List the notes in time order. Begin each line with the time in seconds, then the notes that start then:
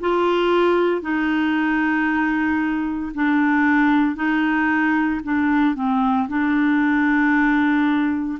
0.00 F4
1.01 D#4
3.14 D4
4.15 D#4
5.23 D4
5.75 C4
6.28 D4